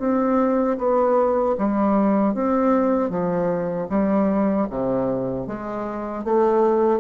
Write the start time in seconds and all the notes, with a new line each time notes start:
0.00 C4
0.78 B3
1.58 G3
2.34 C4
3.10 F3
3.90 G3
4.70 C3
5.48 G#3
6.24 A3